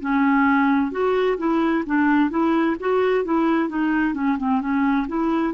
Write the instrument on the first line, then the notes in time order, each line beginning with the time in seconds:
clarinet
0.00 C#4
0.91 F#4
1.38 E4
1.86 D4
2.30 E4
2.80 F#4
3.24 E4
3.69 D#4
4.14 C#4
4.38 C4
4.61 C#4
5.08 E4